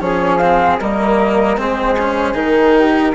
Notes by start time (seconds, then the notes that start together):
0.00 F3 C#4 G#4 C#5
0.37 C4 F5
0.79 G3 A#3 A#4 D#5
1.57 G#3 C4 G#4 C5
1.99 C#4
2.33 D#3 D#4 A#4
2.77 G4